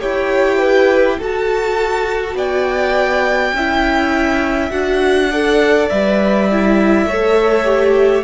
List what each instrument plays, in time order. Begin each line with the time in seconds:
0.00 cello E4, viola G4, violin C#5 G5
0.59 violin B4
1.18 viola F#4, cello F#4, violin A4 A5
2.35 cello B3, violin D5 G5
3.53 cello C#4, viola E4, violin E5
4.71 cello D4, viola F#4, violin F#5
5.32 viola A4, violin D5
5.89 cello G3, viola B4, violin E5
6.52 viola E4
7.05 cello A3, viola A4, violin C#5
7.65 viola G4